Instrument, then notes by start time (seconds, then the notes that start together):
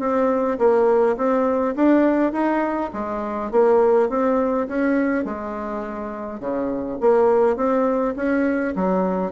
bassoon
0.00 C4
0.59 A#3
1.17 C4
1.76 D4
2.32 D#4
2.94 G#3
3.52 A#3
4.10 C4
4.68 C#4
5.25 G#3
6.40 C#3
7.01 A#3
7.57 C4
8.16 C#4
8.76 F#3